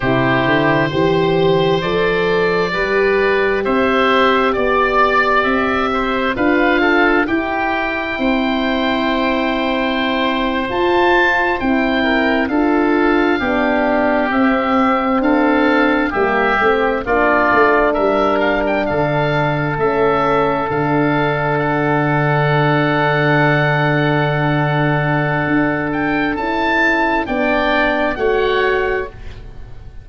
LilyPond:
<<
  \new Staff \with { instrumentName = "oboe" } { \time 4/4 \tempo 4 = 66 c''2 d''2 | e''4 d''4 e''4 f''4 | g''2.~ g''8. a''16~ | a''8. g''4 f''2 e''16~ |
e''8. f''4 e''4 d''4 e''16~ | e''16 f''16 g''16 f''4 e''4 f''4 fis''16~ | fis''1~ | fis''8 g''8 a''4 g''4 fis''4 | }
  \new Staff \with { instrumentName = "oboe" } { \time 4/4 g'4 c''2 b'4 | c''4 d''4. c''8 b'8 a'8 | g'4 c''2.~ | c''4~ c''16 ais'8 a'4 g'4~ g'16~ |
g'8. a'4 g'4 f'4 ais'16~ | ais'8. a'2.~ a'16~ | a'1~ | a'2 d''4 cis''4 | }
  \new Staff \with { instrumentName = "horn" } { \time 4/4 e'4 g'4 a'4 g'4~ | g'2. f'4 | e'2.~ e'8. f'16~ | f'8. e'4 f'4 d'4 c'16~ |
c'4.~ c'16 ais8 c'8 d'4~ d'16~ | d'4.~ d'16 cis'4 d'4~ d'16~ | d'1~ | d'4 e'4 d'4 fis'4 | }
  \new Staff \with { instrumentName = "tuba" } { \time 4/4 c8 d8 e4 f4 g4 | c'4 b4 c'4 d'4 | e'4 c'2~ c'8. f'16~ | f'8. c'4 d'4 b4 c'16~ |
c'8. d'4 g8 a8 ais8 a8 g16~ | g8. d4 a4 d4~ d16~ | d1 | d'4 cis'4 b4 a4 | }
>>